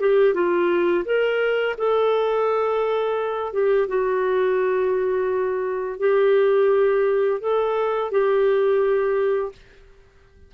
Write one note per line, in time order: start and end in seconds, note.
0.00 0.34 G4
0.34 1.05 F4
1.05 1.76 A#4
1.77 3.53 A4
3.53 3.88 G4
3.88 5.99 F#4
5.99 7.40 G4
7.41 8.11 A4
8.11 9.52 G4